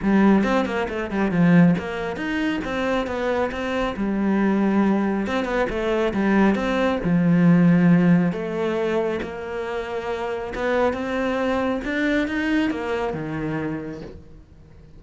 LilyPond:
\new Staff \with { instrumentName = "cello" } { \time 4/4 \tempo 4 = 137 g4 c'8 ais8 a8 g8 f4 | ais4 dis'4 c'4 b4 | c'4 g2. | c'8 b8 a4 g4 c'4 |
f2. a4~ | a4 ais2. | b4 c'2 d'4 | dis'4 ais4 dis2 | }